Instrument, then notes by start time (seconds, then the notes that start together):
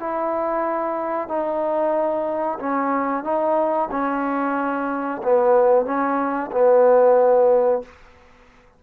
trombone
0.00 E4
1.29 D#4
2.59 C#4
3.24 D#4
3.91 C#4
5.23 B3
5.86 C#4
6.52 B3